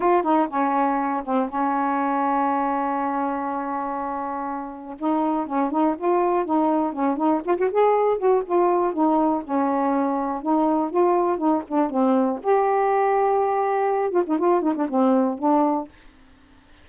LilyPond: \new Staff \with { instrumentName = "saxophone" } { \time 4/4 \tempo 4 = 121 f'8 dis'8 cis'4. c'8 cis'4~ | cis'1~ | cis'2 dis'4 cis'8 dis'8 | f'4 dis'4 cis'8 dis'8 f'16 fis'16 gis'8~ |
gis'8 fis'8 f'4 dis'4 cis'4~ | cis'4 dis'4 f'4 dis'8 d'8 | c'4 g'2.~ | g'8 f'16 dis'16 f'8 dis'16 d'16 c'4 d'4 | }